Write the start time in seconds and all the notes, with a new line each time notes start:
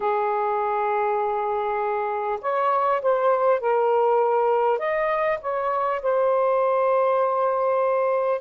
0.00 G#4
2.41 C#5
3.02 C5
3.59 A#4
4.78 D#5
5.41 C#5
6.02 C5